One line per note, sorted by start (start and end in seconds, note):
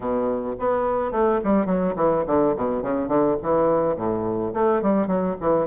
0.00 0.55 B2
0.59 1.11 B3
1.11 1.39 A3
1.44 1.65 G3
1.65 1.94 F#3
1.96 2.24 E3
2.26 2.55 D3
2.56 2.82 B2
2.82 3.08 C#3
3.08 3.36 D3
3.42 3.96 E3
3.96 4.52 A2
4.53 4.81 A3
4.82 5.07 G3
5.07 5.35 F#3
5.40 5.67 E3